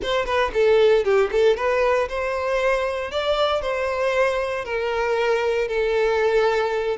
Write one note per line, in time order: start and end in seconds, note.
0.02 0.25 C5
0.25 0.51 B4
0.53 1.04 A4
1.04 1.30 G4
1.31 1.57 A4
1.57 2.08 B4
2.08 3.11 C5
3.11 3.61 D5
3.61 4.64 C5
4.64 5.68 A#4
5.68 6.97 A4